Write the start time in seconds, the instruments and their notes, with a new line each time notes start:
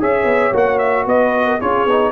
0.00 tuba C#4, trombone G#4, horn C#5, trumpet E5
0.25 tuba B3
0.53 tuba A#3, trombone F#4, trumpet F#5
0.79 trumpet E5
1.06 tuba B3, horn B4, trumpet D#5
1.46 horn A#4
1.60 tuba C#4, trombone F4, horn G#4, trumpet C#5
1.86 tuba B3, trombone D#4